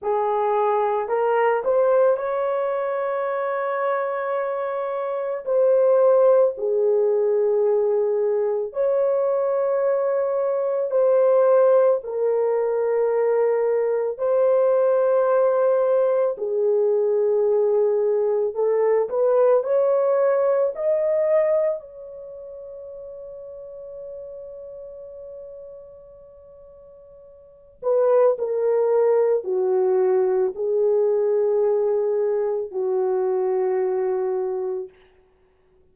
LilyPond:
\new Staff \with { instrumentName = "horn" } { \time 4/4 \tempo 4 = 55 gis'4 ais'8 c''8 cis''2~ | cis''4 c''4 gis'2 | cis''2 c''4 ais'4~ | ais'4 c''2 gis'4~ |
gis'4 a'8 b'8 cis''4 dis''4 | cis''1~ | cis''4. b'8 ais'4 fis'4 | gis'2 fis'2 | }